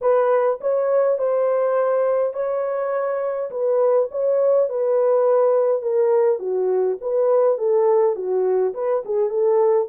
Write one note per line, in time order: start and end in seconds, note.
0.01 0.59 B4
0.60 1.18 C#5
1.18 2.33 C5
2.33 3.50 C#5
3.50 4.09 B4
4.11 4.69 C#5
4.69 5.82 B4
5.82 6.39 A#4
6.39 6.97 F#4
7.01 7.58 B4
7.58 8.15 A4
8.15 8.73 F#4
8.74 9.03 B4
9.05 9.29 G#4
9.29 9.87 A4